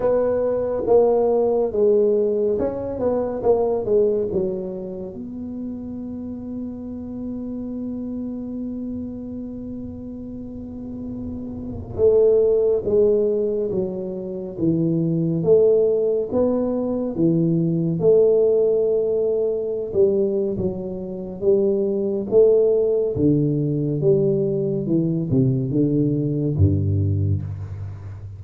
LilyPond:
\new Staff \with { instrumentName = "tuba" } { \time 4/4 \tempo 4 = 70 b4 ais4 gis4 cis'8 b8 | ais8 gis8 fis4 b2~ | b1~ | b2 a4 gis4 |
fis4 e4 a4 b4 | e4 a2~ a16 g8. | fis4 g4 a4 d4 | g4 e8 c8 d4 g,4 | }